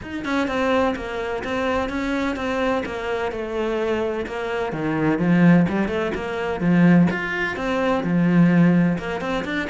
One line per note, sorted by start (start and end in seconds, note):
0.02 0.24 D#4
0.24 0.47 C#4
0.47 0.94 C4
0.95 1.43 A#3
1.43 1.89 C4
1.89 2.36 C#4
2.36 2.83 C4
2.85 3.31 A#3
3.31 4.26 A3
4.26 4.72 A#3
4.72 5.18 D#3
5.18 5.66 F3
5.68 5.87 G3
5.87 6.11 A3
6.14 6.60 A#3
6.60 7.07 F3
7.10 7.56 F4
7.56 8.03 C4
8.03 8.98 F3
8.98 9.21 A#3
9.21 9.44 C4
9.44 9.68 D4